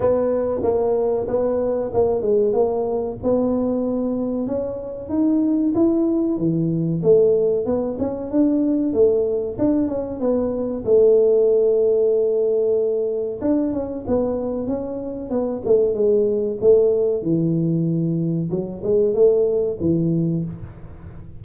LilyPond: \new Staff \with { instrumentName = "tuba" } { \time 4/4 \tempo 4 = 94 b4 ais4 b4 ais8 gis8 | ais4 b2 cis'4 | dis'4 e'4 e4 a4 | b8 cis'8 d'4 a4 d'8 cis'8 |
b4 a2.~ | a4 d'8 cis'8 b4 cis'4 | b8 a8 gis4 a4 e4~ | e4 fis8 gis8 a4 e4 | }